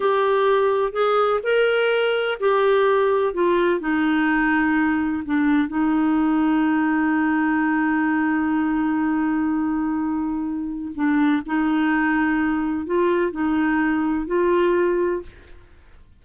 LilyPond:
\new Staff \with { instrumentName = "clarinet" } { \time 4/4 \tempo 4 = 126 g'2 gis'4 ais'4~ | ais'4 g'2 f'4 | dis'2. d'4 | dis'1~ |
dis'1~ | dis'2. d'4 | dis'2. f'4 | dis'2 f'2 | }